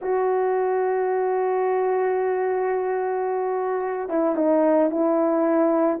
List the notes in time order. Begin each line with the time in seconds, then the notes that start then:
0.01 F#4
4.09 E4
4.35 D#4
4.90 E4